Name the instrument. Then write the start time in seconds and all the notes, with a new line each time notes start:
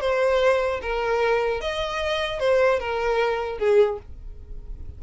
violin
0.00 C5
0.81 A#4
1.60 D#5
2.39 C5
2.79 A#4
3.58 G#4